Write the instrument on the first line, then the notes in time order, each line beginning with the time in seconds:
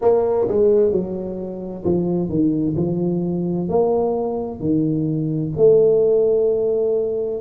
tuba
0.01 A#3
0.47 G#3
0.91 F#3
1.84 F3
2.29 D#3
2.76 F3
3.68 A#3
4.59 D#3
5.56 A3